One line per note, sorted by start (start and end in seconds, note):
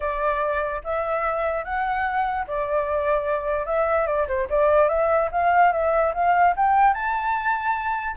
0.00 0.81 D5
0.83 1.64 E5
1.64 2.46 F#5
2.47 3.65 D5
3.65 4.06 E5
4.06 4.27 D5
4.28 4.48 C5
4.49 4.88 D5
4.88 5.29 E5
5.31 5.72 F5
5.72 6.13 E5
6.14 6.55 F5
6.56 6.93 G5
6.93 8.16 A5